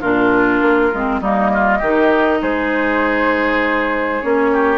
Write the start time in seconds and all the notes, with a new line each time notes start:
0.00 A#2 D4 F4 A#4
0.61 A#3
0.94 G#3 C4
1.20 G3 A#3 D#4 D#5
1.53 F4
1.78 D#3 D#4 G4
2.41 G#3 G#4 C5
4.21 A#3 C#4 C#5
4.52 G4